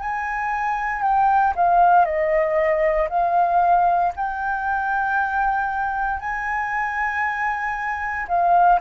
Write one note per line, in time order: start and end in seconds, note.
0.00 1.02 G#5
1.02 1.54 G5
1.56 2.05 F5
2.05 3.08 D#5
3.09 4.13 F5
4.16 6.20 G5
6.20 8.27 G#5
8.28 8.80 F5